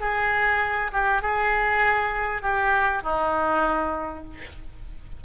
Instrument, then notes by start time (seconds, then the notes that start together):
oboe
0.00 G#4
0.92 G4
1.21 G#4
2.42 G4
3.02 D#4